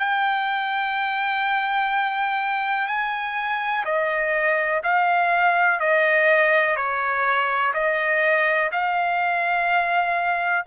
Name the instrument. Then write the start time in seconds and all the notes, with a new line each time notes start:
trumpet
0.00 G5
2.88 G#5
3.86 D#5
4.84 F5
5.80 D#5
6.77 C#5
7.74 D#5
8.72 F5